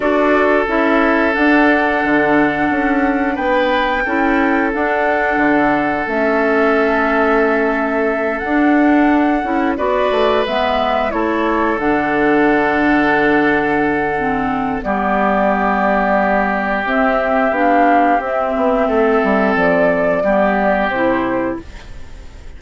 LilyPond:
<<
  \new Staff \with { instrumentName = "flute" } { \time 4/4 \tempo 4 = 89 d''4 e''4 fis''2~ | fis''4 g''2 fis''4~ | fis''4 e''2.~ | e''8 fis''2 d''4 e''8~ |
e''8 cis''4 fis''2~ fis''8~ | fis''2 d''2~ | d''4 e''4 f''4 e''4~ | e''4 d''2 c''4 | }
  \new Staff \with { instrumentName = "oboe" } { \time 4/4 a'1~ | a'4 b'4 a'2~ | a'1~ | a'2~ a'8 b'4.~ |
b'8 a'2.~ a'8~ | a'2 g'2~ | g'1 | a'2 g'2 | }
  \new Staff \with { instrumentName = "clarinet" } { \time 4/4 fis'4 e'4 d'2~ | d'2 e'4 d'4~ | d'4 cis'2.~ | cis'8 d'4. e'8 fis'4 b8~ |
b8 e'4 d'2~ d'8~ | d'4 c'4 b2~ | b4 c'4 d'4 c'4~ | c'2 b4 e'4 | }
  \new Staff \with { instrumentName = "bassoon" } { \time 4/4 d'4 cis'4 d'4 d4 | cis'4 b4 cis'4 d'4 | d4 a2.~ | a8 d'4. cis'8 b8 a8 gis8~ |
gis8 a4 d2~ d8~ | d2 g2~ | g4 c'4 b4 c'8 b8 | a8 g8 f4 g4 c4 | }
>>